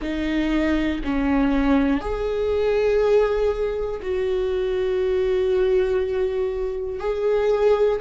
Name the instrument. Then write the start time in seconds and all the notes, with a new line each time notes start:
viola
0.01 D#4
1.04 C#4
2.00 G#4
4.02 F#4
7.00 G#4